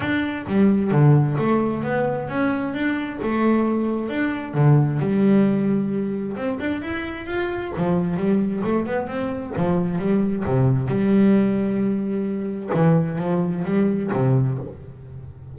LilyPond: \new Staff \with { instrumentName = "double bass" } { \time 4/4 \tempo 4 = 132 d'4 g4 d4 a4 | b4 cis'4 d'4 a4~ | a4 d'4 d4 g4~ | g2 c'8 d'8 e'4 |
f'4 f4 g4 a8 b8 | c'4 f4 g4 c4 | g1 | e4 f4 g4 c4 | }